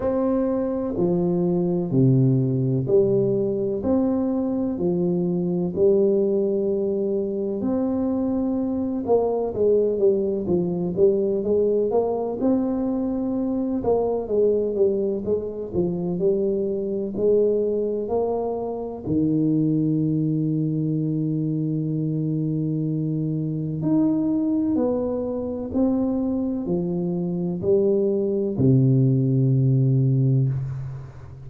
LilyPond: \new Staff \with { instrumentName = "tuba" } { \time 4/4 \tempo 4 = 63 c'4 f4 c4 g4 | c'4 f4 g2 | c'4. ais8 gis8 g8 f8 g8 | gis8 ais8 c'4. ais8 gis8 g8 |
gis8 f8 g4 gis4 ais4 | dis1~ | dis4 dis'4 b4 c'4 | f4 g4 c2 | }